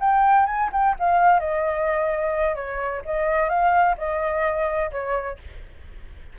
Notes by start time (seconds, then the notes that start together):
0.00 G5
0.46 G#5
0.72 G5
0.99 F5
1.40 D#5
2.55 C#5
3.05 D#5
3.49 F5
3.98 D#5
4.91 C#5